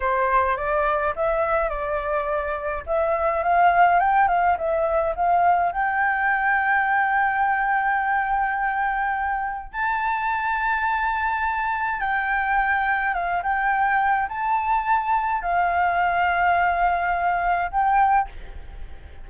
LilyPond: \new Staff \with { instrumentName = "flute" } { \time 4/4 \tempo 4 = 105 c''4 d''4 e''4 d''4~ | d''4 e''4 f''4 g''8 f''8 | e''4 f''4 g''2~ | g''1~ |
g''4 a''2.~ | a''4 g''2 f''8 g''8~ | g''4 a''2 f''4~ | f''2. g''4 | }